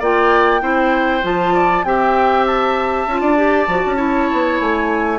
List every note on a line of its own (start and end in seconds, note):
0.00 0.62 A#3
0.00 0.61 F4
0.00 0.61 D5
0.00 1.25 G5
0.61 1.23 C4
0.61 1.22 E4
0.61 1.54 C5
1.22 1.84 F3
1.22 1.84 F4
1.22 1.85 A5
1.54 1.85 D5
1.84 3.07 C4
1.84 3.08 G4
1.84 3.22 E5
1.84 2.46 G5
2.47 4.61 A5
3.07 3.21 C#4
3.07 3.37 F4
3.21 3.67 D4
3.21 3.96 D5
3.37 3.68 G4
3.68 3.83 F3
3.68 3.97 F#4
3.86 4.32 C#4
3.96 5.19 E4
3.96 5.19 C#5
4.32 4.60 B3
4.60 5.19 A3
4.60 5.19 G#5